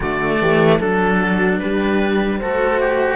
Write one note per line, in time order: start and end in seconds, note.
0.00 0.39 D3
0.00 0.80 A3
0.00 0.39 F#4
0.00 0.80 D5
0.40 0.80 E3
0.40 0.78 G4
0.78 1.60 F#3
0.78 2.40 D4
0.78 1.18 A4
0.78 1.59 A4
1.18 1.58 F#4
1.59 2.42 G3
1.59 2.37 G4
1.59 2.39 B4
2.37 3.15 A3
2.37 3.15 F#4
2.37 2.80 A4
2.37 3.15 C5
2.80 3.15 G4